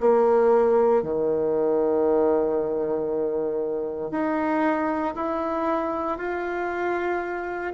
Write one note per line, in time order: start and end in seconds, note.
0.00 1.02 A#3
1.02 4.11 D#3
4.11 5.14 D#4
5.15 6.17 E4
6.17 7.73 F4